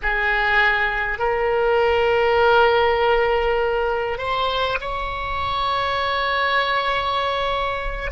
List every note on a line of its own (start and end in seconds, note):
0.02 1.18 G#4
1.18 4.18 A#4
4.18 4.78 C5
4.80 8.10 C#5